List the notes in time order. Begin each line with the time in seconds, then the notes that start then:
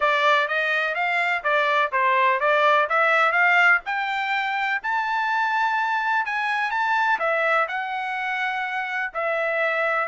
0.00 D5
0.48 D#5
0.94 F5
1.43 D5
1.92 C5
2.40 D5
2.89 E5
3.32 F5
3.85 G5
4.82 A5
6.25 G#5
6.70 A5
7.19 E5
7.68 F#5
9.13 E5